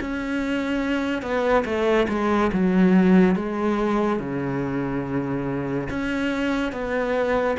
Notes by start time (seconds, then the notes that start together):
0.00 C#4
1.22 B3
1.64 A3
2.08 G#3
2.52 F#3
3.35 G#3
4.19 C#3
5.90 C#4
6.72 B3